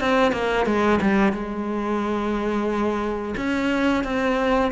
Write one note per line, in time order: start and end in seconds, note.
0.00 0.32 C4
0.32 0.66 A#3
0.66 1.00 G#3
1.01 1.32 G3
1.32 3.35 G#3
3.37 4.04 C#4
4.04 4.71 C4